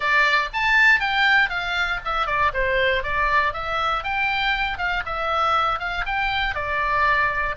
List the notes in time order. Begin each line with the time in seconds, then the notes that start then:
0.00 D5
0.53 A5
0.99 G5
1.49 F5
2.04 E5
2.26 D5
2.53 C5
3.03 D5
3.53 E5
4.03 G5
4.78 F5
5.05 E5
5.79 F5
6.06 G5
6.54 D5